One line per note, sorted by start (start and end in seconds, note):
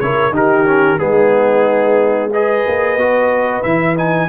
0.00 0.31 C#3
0.00 0.32 E4
0.00 0.33 A#4
0.00 0.33 C#5
0.31 0.97 D#3
0.31 0.65 D#4
0.31 0.99 G4
0.31 0.98 A#4
0.65 0.98 C#4
0.98 2.65 G#3
0.98 2.30 B3
0.98 2.31 D#4
0.98 2.30 G#4
2.31 2.98 G#4
2.31 4.28 B4
2.31 3.62 D#5
2.66 2.96 A#3
2.96 3.62 B3
2.96 3.63 F#4
3.62 4.28 E3
3.62 3.96 E4
3.62 3.95 E5
3.96 4.28 D#4
3.96 4.28 G#5